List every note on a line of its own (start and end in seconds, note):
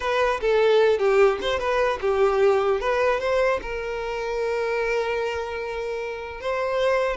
0.00 0.40 B4
0.40 0.99 A4
0.99 1.39 G4
1.41 1.59 C5
1.59 1.99 B4
2.01 2.80 G4
2.80 3.19 B4
3.19 3.59 C5
3.62 6.40 A#4
6.40 7.17 C5